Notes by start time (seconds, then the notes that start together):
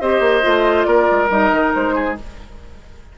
0.00 C4 G4 C5 D#5
0.20 A#3
0.41 A3 F4
0.84 A#3 A#4 D5
1.11 G#3
1.29 G3 D#4 D#5
1.51 D#3
1.74 G#3 C5
1.94 G#4